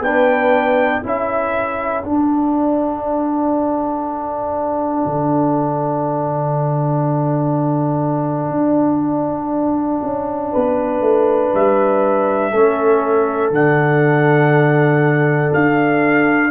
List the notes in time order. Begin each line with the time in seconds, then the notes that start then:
0.00 B3 D4 B4 G5
1.03 C#4 E4 A4 E5
2.04 D4 F#5
5.06 D3
8.51 D4
10.03 C#4
10.52 B3 B4
11.01 A3
11.54 G3 E5
12.51 A3 C#4 A4
13.51 D3 D4 F#5
15.54 D4 F5